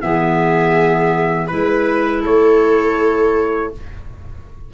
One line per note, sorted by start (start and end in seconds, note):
0.00 1.51 E3
0.00 1.48 B3
0.00 1.47 G#4
0.00 1.47 E5
1.47 2.25 G#3
1.47 3.72 E4
1.47 2.21 B4
2.22 3.73 A3
2.22 3.70 A4
2.22 3.73 C#5